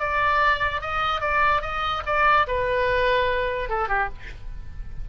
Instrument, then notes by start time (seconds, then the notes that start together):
oboe
0.00 D5
0.81 D#5
1.21 D5
1.62 D#5
2.06 D5
2.47 B4
3.69 A4
3.89 G4